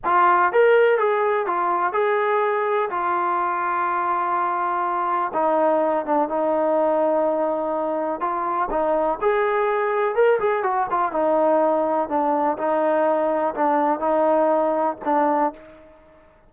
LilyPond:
\new Staff \with { instrumentName = "trombone" } { \time 4/4 \tempo 4 = 124 f'4 ais'4 gis'4 f'4 | gis'2 f'2~ | f'2. dis'4~ | dis'8 d'8 dis'2.~ |
dis'4 f'4 dis'4 gis'4~ | gis'4 ais'8 gis'8 fis'8 f'8 dis'4~ | dis'4 d'4 dis'2 | d'4 dis'2 d'4 | }